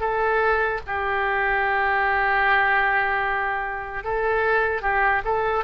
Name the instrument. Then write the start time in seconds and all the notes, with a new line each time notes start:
oboe
0.00 A4
0.86 G4
4.04 A4
4.82 G4
5.25 A4